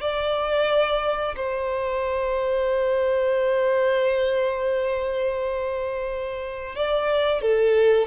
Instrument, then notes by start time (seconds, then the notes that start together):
violin
0.00 D5
1.36 C5
6.75 D5
7.41 A4